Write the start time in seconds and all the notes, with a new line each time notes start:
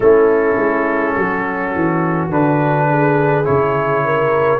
0.00 A3 C#4 E4 A4
0.57 G#3
1.14 F#3 F#4
1.74 E3
2.28 D3 D4 B4
2.87 G#4
3.44 C#3 E4 C#5
4.04 A#4